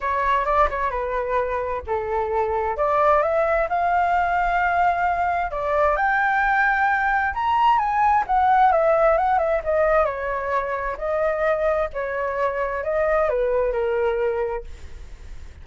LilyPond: \new Staff \with { instrumentName = "flute" } { \time 4/4 \tempo 4 = 131 cis''4 d''8 cis''8 b'2 | a'2 d''4 e''4 | f''1 | d''4 g''2. |
ais''4 gis''4 fis''4 e''4 | fis''8 e''8 dis''4 cis''2 | dis''2 cis''2 | dis''4 b'4 ais'2 | }